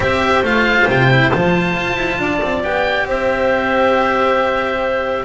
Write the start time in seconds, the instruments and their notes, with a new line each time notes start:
0.00 double bass C4, cello G4, clarinet C5, oboe E5
0.42 double bass A3, cello F4, oboe F5
0.88 double bass C3, oboe G5
1.10 cello E4
1.31 double bass F3, cello F4, oboe A5
1.74 double bass F4
1.96 double bass E4
2.18 double bass D4, clarinet D5
2.42 double bass C4
2.63 double bass B3, cello G4, oboe G5
3.05 double bass C4, clarinet C5, oboe E5